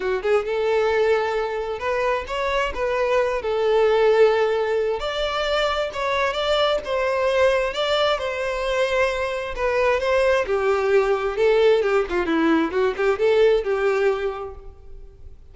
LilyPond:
\new Staff \with { instrumentName = "violin" } { \time 4/4 \tempo 4 = 132 fis'8 gis'8 a'2. | b'4 cis''4 b'4. a'8~ | a'2. d''4~ | d''4 cis''4 d''4 c''4~ |
c''4 d''4 c''2~ | c''4 b'4 c''4 g'4~ | g'4 a'4 g'8 f'8 e'4 | fis'8 g'8 a'4 g'2 | }